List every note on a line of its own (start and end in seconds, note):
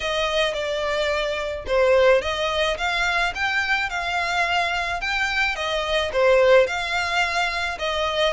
0.00 0.53 D#5
0.53 1.64 D5
1.66 2.21 C5
2.21 2.77 D#5
2.77 3.33 F5
3.34 3.89 G5
3.89 5.00 F5
5.00 5.55 G5
5.55 6.11 D#5
6.13 6.67 C5
6.67 7.78 F5
7.78 8.33 D#5